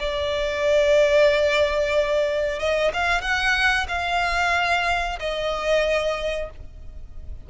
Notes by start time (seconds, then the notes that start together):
0.00 D5
2.60 D#5
2.94 F5
3.22 F#5
3.89 F5
5.20 D#5